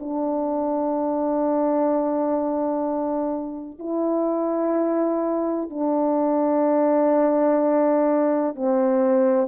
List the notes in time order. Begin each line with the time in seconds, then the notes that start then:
0.00 D4
3.80 E4
5.71 D4
8.56 C4